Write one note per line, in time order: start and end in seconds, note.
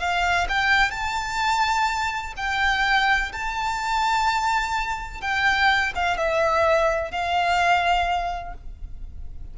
0.00 0.48 F5
0.49 0.91 G5
0.91 2.34 A5
2.37 3.32 G5
3.33 5.22 A5
5.22 5.93 G5
5.96 6.17 F5
6.17 7.11 E5
7.11 8.54 F5